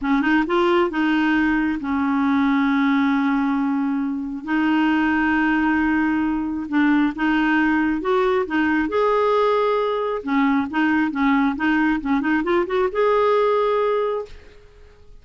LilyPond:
\new Staff \with { instrumentName = "clarinet" } { \time 4/4 \tempo 4 = 135 cis'8 dis'8 f'4 dis'2 | cis'1~ | cis'2 dis'2~ | dis'2. d'4 |
dis'2 fis'4 dis'4 | gis'2. cis'4 | dis'4 cis'4 dis'4 cis'8 dis'8 | f'8 fis'8 gis'2. | }